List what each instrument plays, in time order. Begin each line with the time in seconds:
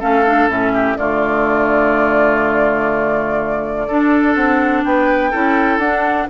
0.00 bassoon A3, clarinet C#4, oboe A4, flute F5
0.26 clarinet D4
0.48 bassoon A2, clarinet C#4, flute E5
0.73 oboe G4
0.98 bassoon D3, clarinet A3, oboe F4, flute D5
3.87 clarinet D4, bassoon D4, oboe A4
4.35 bassoon C4, flute F#5
4.84 bassoon B3, oboe B4, flute G5
5.31 bassoon C#4, clarinet E4, oboe A4
5.78 bassoon D4, clarinet D4, flute F#5